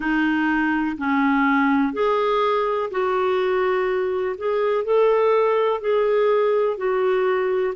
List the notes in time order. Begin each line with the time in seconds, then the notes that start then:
0.00 D#4
0.97 C#4
1.93 G#4
2.90 F#4
4.37 G#4
4.84 A4
5.80 G#4
6.77 F#4